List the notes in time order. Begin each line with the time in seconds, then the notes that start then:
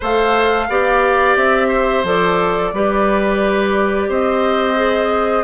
0.00 A3 A4 C5 F5
0.68 B3 G4 D5
1.36 C4 E5
1.68 C5
2.03 F3 A4 D5
2.72 G3 G4 B4
4.09 C4 C5 D#5
4.76 G#4